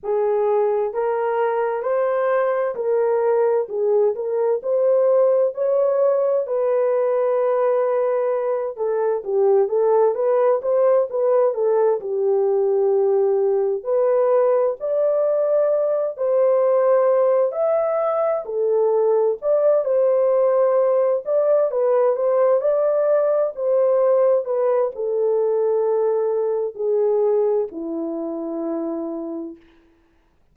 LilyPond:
\new Staff \with { instrumentName = "horn" } { \time 4/4 \tempo 4 = 65 gis'4 ais'4 c''4 ais'4 | gis'8 ais'8 c''4 cis''4 b'4~ | b'4. a'8 g'8 a'8 b'8 c''8 | b'8 a'8 g'2 b'4 |
d''4. c''4. e''4 | a'4 d''8 c''4. d''8 b'8 | c''8 d''4 c''4 b'8 a'4~ | a'4 gis'4 e'2 | }